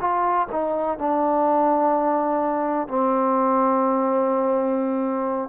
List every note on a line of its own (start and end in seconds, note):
0.00 0.48 F4
0.52 0.99 D#4
0.99 2.88 D4
2.88 5.49 C4